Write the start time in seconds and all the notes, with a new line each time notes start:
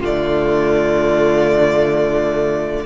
0.00 D3 A3 F4 D5